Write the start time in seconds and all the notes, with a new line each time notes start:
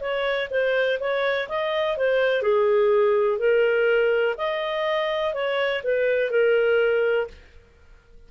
0.00 C#5
0.50 C5
1.00 C#5
1.48 D#5
1.97 C5
2.42 G#4
3.38 A#4
4.37 D#5
5.34 C#5
5.83 B4
6.31 A#4